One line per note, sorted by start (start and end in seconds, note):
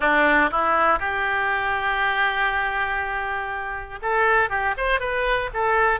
0.00 0.50 D4
0.50 0.99 E4
0.99 3.99 G4
4.01 4.49 A4
4.49 4.74 G4
4.77 5.00 C5
5.00 5.50 B4
5.53 6.00 A4